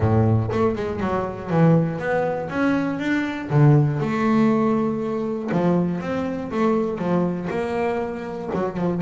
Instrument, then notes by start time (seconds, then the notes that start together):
double bass
0.00 A2
0.51 A3
0.75 G#3
1.00 F#3
1.50 E3
1.98 B3
2.49 C#4
2.99 D4
3.50 D3
4.00 A3
5.51 F3
6.00 C4
6.51 A3
6.98 F3
7.50 A#3
8.54 F#3
8.77 F3